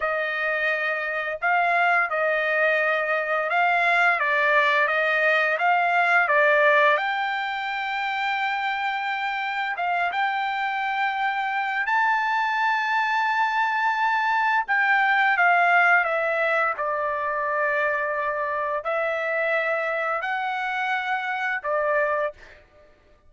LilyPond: \new Staff \with { instrumentName = "trumpet" } { \time 4/4 \tempo 4 = 86 dis''2 f''4 dis''4~ | dis''4 f''4 d''4 dis''4 | f''4 d''4 g''2~ | g''2 f''8 g''4.~ |
g''4 a''2.~ | a''4 g''4 f''4 e''4 | d''2. e''4~ | e''4 fis''2 d''4 | }